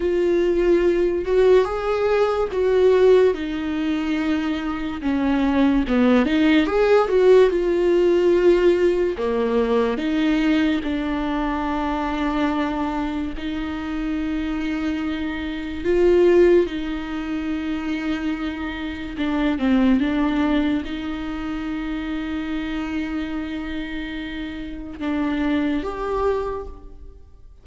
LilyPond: \new Staff \with { instrumentName = "viola" } { \time 4/4 \tempo 4 = 72 f'4. fis'8 gis'4 fis'4 | dis'2 cis'4 b8 dis'8 | gis'8 fis'8 f'2 ais4 | dis'4 d'2. |
dis'2. f'4 | dis'2. d'8 c'8 | d'4 dis'2.~ | dis'2 d'4 g'4 | }